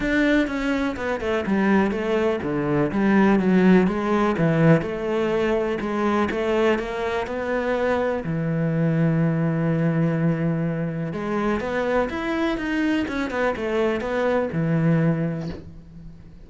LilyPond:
\new Staff \with { instrumentName = "cello" } { \time 4/4 \tempo 4 = 124 d'4 cis'4 b8 a8 g4 | a4 d4 g4 fis4 | gis4 e4 a2 | gis4 a4 ais4 b4~ |
b4 e2.~ | e2. gis4 | b4 e'4 dis'4 cis'8 b8 | a4 b4 e2 | }